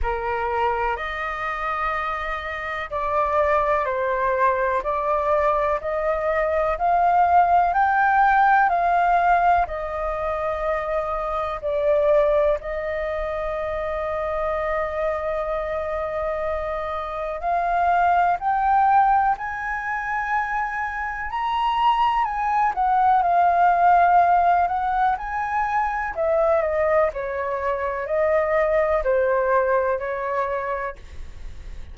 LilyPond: \new Staff \with { instrumentName = "flute" } { \time 4/4 \tempo 4 = 62 ais'4 dis''2 d''4 | c''4 d''4 dis''4 f''4 | g''4 f''4 dis''2 | d''4 dis''2.~ |
dis''2 f''4 g''4 | gis''2 ais''4 gis''8 fis''8 | f''4. fis''8 gis''4 e''8 dis''8 | cis''4 dis''4 c''4 cis''4 | }